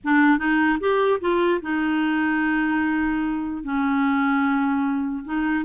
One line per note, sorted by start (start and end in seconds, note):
0.03 0.38 D4
0.38 0.78 D#4
0.80 1.20 G4
1.20 1.60 F4
1.62 3.63 D#4
3.63 5.24 C#4
5.25 5.65 D#4